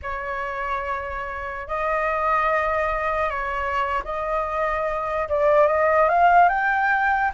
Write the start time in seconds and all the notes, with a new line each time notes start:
0.02 C#5
1.67 D#5
3.30 C#5
4.04 D#5
5.29 D5
5.67 D#5
6.08 F5
6.49 G5